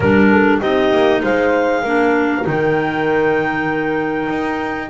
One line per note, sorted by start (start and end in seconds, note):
0.00 0.60 G3
0.00 0.60 D4
0.00 0.29 A#4
0.00 0.58 A#4
0.31 0.60 A4
0.60 0.91 C4
0.60 1.83 D#4
0.60 1.21 G4
0.60 1.22 D#5
0.91 1.22 A#3
1.22 1.84 G#3
1.22 1.82 C5
1.22 2.46 F5
1.82 2.45 A#3
1.82 2.42 D4
1.82 4.88 A#4
2.42 4.29 D#3
2.42 4.87 D#4
2.42 4.90 G5
4.29 4.90 D#4